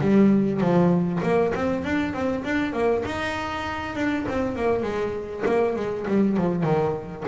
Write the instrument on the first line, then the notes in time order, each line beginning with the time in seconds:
double bass
0.00 G3
0.60 F3
1.23 A#3
1.54 C4
1.84 D4
2.13 C4
2.44 D4
2.73 A#3
3.05 D#4
3.95 D4
4.28 C4
4.55 A#3
4.82 G#3
5.46 A#3
5.75 G#3
6.07 G3
6.37 F3
6.63 D#3